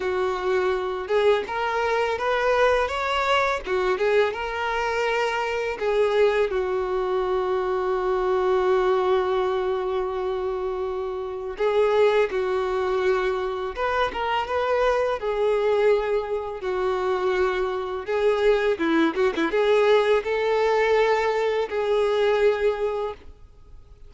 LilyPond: \new Staff \with { instrumentName = "violin" } { \time 4/4 \tempo 4 = 83 fis'4. gis'8 ais'4 b'4 | cis''4 fis'8 gis'8 ais'2 | gis'4 fis'2.~ | fis'1 |
gis'4 fis'2 b'8 ais'8 | b'4 gis'2 fis'4~ | fis'4 gis'4 e'8 fis'16 e'16 gis'4 | a'2 gis'2 | }